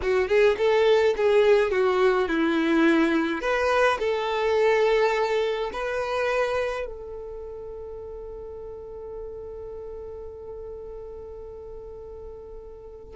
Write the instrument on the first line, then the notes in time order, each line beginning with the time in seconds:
violin
0.02 F#4
0.28 G#4
0.57 A4
1.16 G#4
1.71 F#4
2.28 E4
3.41 B4
3.99 A4
5.72 B4
6.86 A4